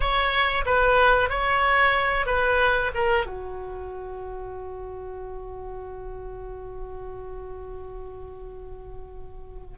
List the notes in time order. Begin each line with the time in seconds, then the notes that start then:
0.00 C#5
0.65 B4
1.29 C#5
2.26 B4
2.94 A#4
3.26 F#4